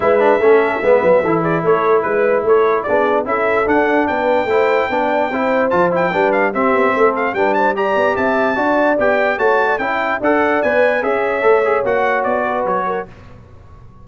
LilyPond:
<<
  \new Staff \with { instrumentName = "trumpet" } { \time 4/4 \tempo 4 = 147 e''2.~ e''8 d''8 | cis''4 b'4 cis''4 d''4 | e''4 fis''4 g''2~ | g''2 a''8 g''4 f''8 |
e''4. f''8 g''8 a''8 ais''4 | a''2 g''4 a''4 | g''4 fis''4 gis''4 e''4~ | e''4 fis''4 d''4 cis''4 | }
  \new Staff \with { instrumentName = "horn" } { \time 4/4 b'4 a'4 b'4 a'8 gis'8 | a'4 b'4 a'4 gis'4 | a'2 b'4 c''4 | d''4 c''2 b'4 |
g'4 a'4 b'8 c''8 d''4 | e''4 d''2 cis''8. d''16 | e''4 d''2 cis''4~ | cis''2~ cis''8 b'4 ais'8 | }
  \new Staff \with { instrumentName = "trombone" } { \time 4/4 e'8 d'8 cis'4 b4 e'4~ | e'2. d'4 | e'4 d'2 e'4 | d'4 e'4 f'8 e'8 d'4 |
c'2 d'4 g'4~ | g'4 fis'4 g'4 fis'4 | e'4 a'4 b'4 gis'4 | a'8 gis'8 fis'2. | }
  \new Staff \with { instrumentName = "tuba" } { \time 4/4 gis4 a4 gis8 fis8 e4 | a4 gis4 a4 b4 | cis'4 d'4 b4 a4 | b4 c'4 f4 g4 |
c'8 b8 a4 g4. b8 | c'4 d'4 b4 a4 | cis'4 d'4 b4 cis'4 | a4 ais4 b4 fis4 | }
>>